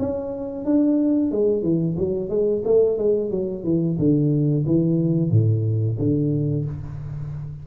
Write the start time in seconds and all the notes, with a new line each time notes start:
0.00 C#4
0.65 D4
1.32 G#3
1.63 E3
1.98 F#3
2.30 G#3
2.65 A3
2.98 G#3
3.31 F#3
3.64 E3
3.99 D3
4.67 E3
5.31 A2
5.99 D3